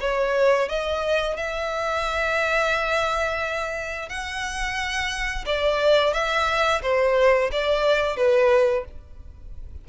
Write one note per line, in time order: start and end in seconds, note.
0.00 0.68 C#5
0.68 1.36 D#5
1.36 4.08 E5
4.08 5.45 F#5
5.46 6.13 D5
6.13 6.81 E5
6.82 7.50 C5
7.52 8.16 D5
8.16 8.85 B4